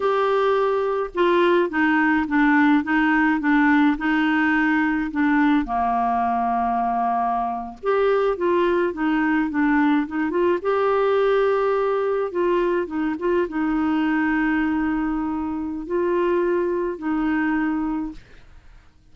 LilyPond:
\new Staff \with { instrumentName = "clarinet" } { \time 4/4 \tempo 4 = 106 g'2 f'4 dis'4 | d'4 dis'4 d'4 dis'4~ | dis'4 d'4 ais2~ | ais4.~ ais16 g'4 f'4 dis'16~ |
dis'8. d'4 dis'8 f'8 g'4~ g'16~ | g'4.~ g'16 f'4 dis'8 f'8 dis'16~ | dis'1 | f'2 dis'2 | }